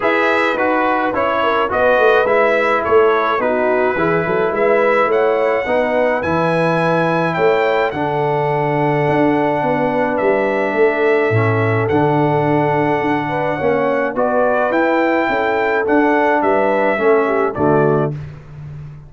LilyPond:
<<
  \new Staff \with { instrumentName = "trumpet" } { \time 4/4 \tempo 4 = 106 e''4 b'4 cis''4 dis''4 | e''4 cis''4 b'2 | e''4 fis''2 gis''4~ | gis''4 g''4 fis''2~ |
fis''2 e''2~ | e''4 fis''2.~ | fis''4 d''4 g''2 | fis''4 e''2 d''4 | }
  \new Staff \with { instrumentName = "horn" } { \time 4/4 b'2~ b'8 ais'8 b'4~ | b'4 a'4 fis'4 gis'8 a'8 | b'4 cis''4 b'2~ | b'4 cis''4 a'2~ |
a'4 b'2 a'4~ | a'2.~ a'8 b'8 | cis''4 b'2 a'4~ | a'4 b'4 a'8 g'8 fis'4 | }
  \new Staff \with { instrumentName = "trombone" } { \time 4/4 gis'4 fis'4 e'4 fis'4 | e'2 dis'4 e'4~ | e'2 dis'4 e'4~ | e'2 d'2~ |
d'1 | cis'4 d'2. | cis'4 fis'4 e'2 | d'2 cis'4 a4 | }
  \new Staff \with { instrumentName = "tuba" } { \time 4/4 e'4 dis'4 cis'4 b8 a8 | gis4 a4 b4 e8 fis8 | gis4 a4 b4 e4~ | e4 a4 d2 |
d'4 b4 g4 a4 | a,4 d2 d'4 | ais4 b4 e'4 cis'4 | d'4 g4 a4 d4 | }
>>